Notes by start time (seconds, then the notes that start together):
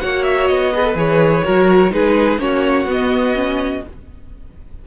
0.00 A#3 F#4 C#5 F#5
0.23 E5
0.47 B3 D#5
0.73 G#4 B4
0.84 A4
0.95 E3 G#4 C#5
1.44 F#3 F#4 A#4
1.90 G#3 D#4 G#4 B4
2.38 A#3 C#4 F#4 C#5
2.84 B3
2.92 D#5
3.34 C#4